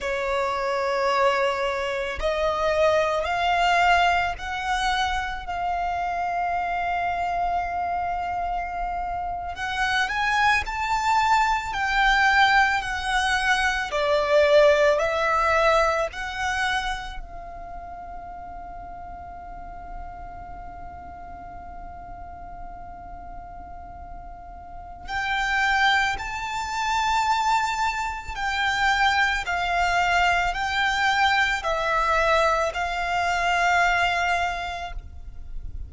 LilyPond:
\new Staff \with { instrumentName = "violin" } { \time 4/4 \tempo 4 = 55 cis''2 dis''4 f''4 | fis''4 f''2.~ | f''8. fis''8 gis''8 a''4 g''4 fis''16~ | fis''8. d''4 e''4 fis''4 f''16~ |
f''1~ | f''2. g''4 | a''2 g''4 f''4 | g''4 e''4 f''2 | }